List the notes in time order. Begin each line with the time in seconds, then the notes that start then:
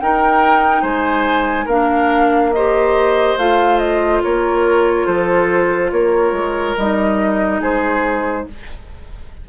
0.00 D#4 A#4 G5
0.82 G#3 C5 G#5
1.65 A#3 D4 A#4 F5
2.53 G4 C5 D#5
3.37 A3 F4 F5
3.78 D#5
4.23 A#3 A#4 C#5
5.06 F3 A4 C5
5.91 A#3 A#4 C#5
6.32 G#3
6.77 G3 D#4 D#5
7.60 G#3 G#4 C5